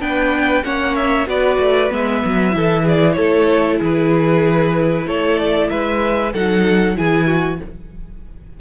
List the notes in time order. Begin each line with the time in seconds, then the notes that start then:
0.00 B3 D4 B4 G5
0.64 A#3 C#4 C#5 F#5
0.95 E5
1.26 B3 F#4 B4 D5
1.59 A3
1.89 G#3 B3 E5
2.25 F#3
2.51 E3 E4 A4
2.83 G#4 D5
3.13 A3 A4 C#5
3.79 E3 G#4 B4
5.06 A3 A4 C#5
5.38 D5
5.69 G#3 B4 E5
6.33 F#3 D#4 A4 F#5
6.95 E3 E4 G#4 G#5
7.27 F#4